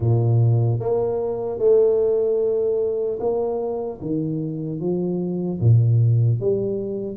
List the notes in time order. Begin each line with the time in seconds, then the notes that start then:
0.00 A#2
0.79 A#3
1.59 A3
3.19 A#3
4.01 D#3
4.80 F3
5.60 A#2
6.40 G3